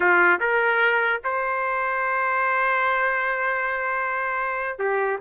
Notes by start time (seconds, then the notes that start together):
0.00 F4
0.40 A#4
1.24 C5
4.78 G4